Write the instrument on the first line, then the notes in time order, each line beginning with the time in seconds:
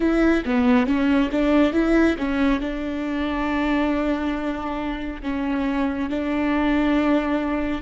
viola
0.00 E4
0.45 B3
0.86 C#4
1.31 D4
1.72 E4
2.18 C#4
2.60 D4
5.22 C#4
6.09 D4